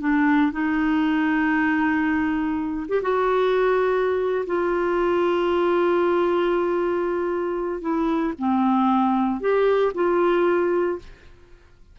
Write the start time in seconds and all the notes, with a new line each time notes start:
0.00 D4
0.52 D#4
2.89 G4
3.02 F#4
4.46 F4
7.81 E4
8.39 C4
9.40 G4
9.94 F4